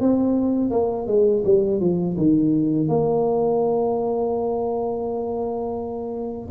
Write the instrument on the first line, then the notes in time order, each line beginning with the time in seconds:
tuba
0.00 C4
0.71 A#3
1.07 G#3
1.44 G3
1.80 F3
2.17 D#3
2.88 A#3